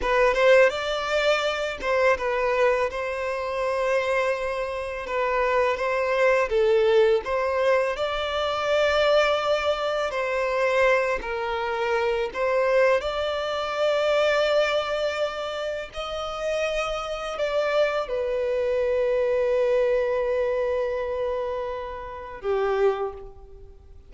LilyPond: \new Staff \with { instrumentName = "violin" } { \time 4/4 \tempo 4 = 83 b'8 c''8 d''4. c''8 b'4 | c''2. b'4 | c''4 a'4 c''4 d''4~ | d''2 c''4. ais'8~ |
ais'4 c''4 d''2~ | d''2 dis''2 | d''4 b'2.~ | b'2. g'4 | }